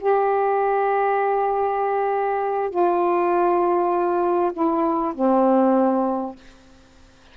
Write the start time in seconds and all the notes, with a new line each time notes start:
0.00 G4
2.70 F4
4.53 E4
5.15 C4